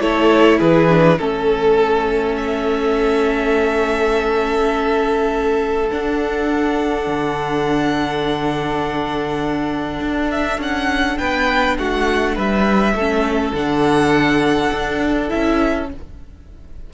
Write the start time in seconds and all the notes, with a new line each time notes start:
0.00 A3 E4 A4 C#5
0.59 E3 G#4 B4
0.89 D4
1.19 A3 C#4 A4
2.37 E5
5.89 D4 F#5
7.07 D3
10.00 D4
10.31 E5
10.58 C#4 F#5
11.18 B3 B4 G5
11.78 A3 F#4 F#5
12.35 G3 B4 E5
12.94 A3 C#4 A4
13.54 D3 D4 F#5
14.72 D4
15.28 E4 E5
15.35 C#4